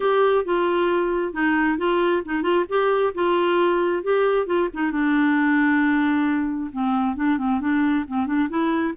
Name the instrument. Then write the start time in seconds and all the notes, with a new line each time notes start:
clarinet
0.00 G4
0.44 F4
1.33 D#4
1.77 F4
2.25 D#4
2.42 F4
2.68 G4
3.14 F4
4.03 G4
4.46 F4
4.73 D#4
4.91 D4
6.72 C4
7.16 D4
7.38 C4
7.60 D4
8.07 C4
8.26 D4
8.49 E4